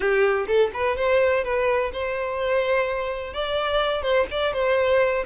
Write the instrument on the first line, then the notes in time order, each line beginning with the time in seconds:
violin
0.00 G4
0.47 A4
0.73 B4
0.97 C5
1.44 B4
1.92 C5
3.33 D5
4.02 C5
4.30 D5
4.53 C5